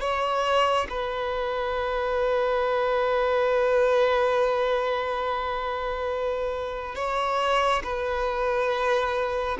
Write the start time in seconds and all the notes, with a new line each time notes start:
0.00 C#5
0.90 B4
6.95 C#5
7.84 B4